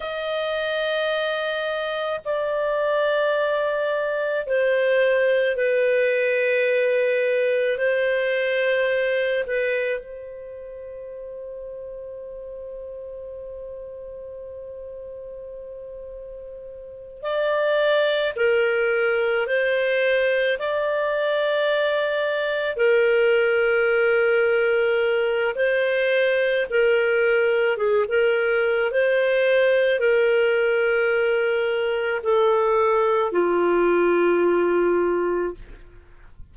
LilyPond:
\new Staff \with { instrumentName = "clarinet" } { \time 4/4 \tempo 4 = 54 dis''2 d''2 | c''4 b'2 c''4~ | c''8 b'8 c''2.~ | c''2.~ c''8 d''8~ |
d''8 ais'4 c''4 d''4.~ | d''8 ais'2~ ais'8 c''4 | ais'4 gis'16 ais'8. c''4 ais'4~ | ais'4 a'4 f'2 | }